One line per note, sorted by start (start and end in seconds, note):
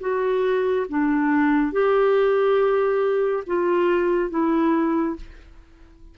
0.00 0.86 F#4
0.88 1.72 D4
1.72 3.43 G4
3.46 4.30 F4
4.30 5.15 E4